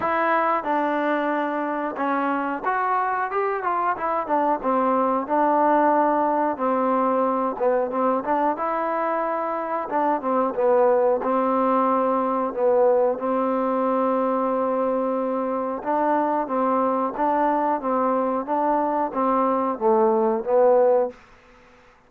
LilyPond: \new Staff \with { instrumentName = "trombone" } { \time 4/4 \tempo 4 = 91 e'4 d'2 cis'4 | fis'4 g'8 f'8 e'8 d'8 c'4 | d'2 c'4. b8 | c'8 d'8 e'2 d'8 c'8 |
b4 c'2 b4 | c'1 | d'4 c'4 d'4 c'4 | d'4 c'4 a4 b4 | }